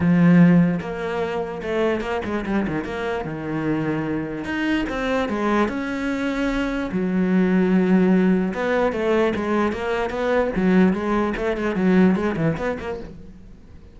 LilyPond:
\new Staff \with { instrumentName = "cello" } { \time 4/4 \tempo 4 = 148 f2 ais2 | a4 ais8 gis8 g8 dis8 ais4 | dis2. dis'4 | c'4 gis4 cis'2~ |
cis'4 fis2.~ | fis4 b4 a4 gis4 | ais4 b4 fis4 gis4 | a8 gis8 fis4 gis8 e8 b8 ais8 | }